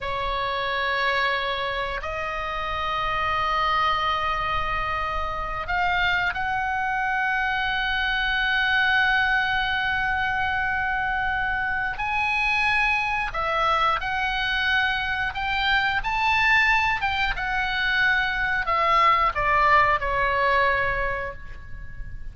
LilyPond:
\new Staff \with { instrumentName = "oboe" } { \time 4/4 \tempo 4 = 90 cis''2. dis''4~ | dis''1~ | dis''8 f''4 fis''2~ fis''8~ | fis''1~ |
fis''2 gis''2 | e''4 fis''2 g''4 | a''4. g''8 fis''2 | e''4 d''4 cis''2 | }